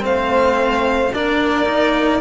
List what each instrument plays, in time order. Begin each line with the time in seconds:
0.00 cello A3 C4, saxophone C5, violin F5
1.13 cello A#3 D4, saxophone A#4, violin D5
1.65 cello D#4